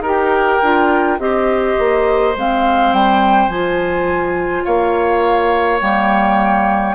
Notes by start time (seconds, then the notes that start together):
0.00 D#4 G4 A#4
0.07 G5
0.62 D4 F4
1.19 C4 G4 C5 D#5
1.78 A#3
2.36 G#3 C4 F5
2.92 G3 G5
3.48 F3 F4 G#5
4.65 A#3 C#5 F5
5.80 G3 A#3 G5